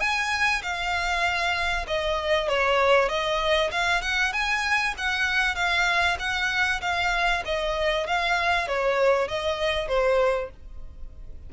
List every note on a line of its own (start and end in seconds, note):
0.00 0.62 G#5
0.62 1.86 F5
1.87 2.48 D#5
2.48 3.08 C#5
3.08 3.70 D#5
3.71 4.01 F5
4.01 4.32 F#5
4.32 4.94 G#5
4.98 5.55 F#5
5.55 6.17 F5
6.19 6.81 F#5
6.81 7.43 F5
7.45 8.07 D#5
8.07 8.68 F5
8.68 9.28 C#5
9.28 9.88 D#5
9.88 10.50 C5